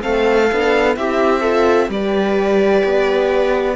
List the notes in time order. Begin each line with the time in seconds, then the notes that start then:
0.00 A3 C4 A4 F5
0.51 B3 D4
0.95 C4 E4 G4 E5
1.40 F4 A4
1.88 G3 G4 B4 D5
2.84 B3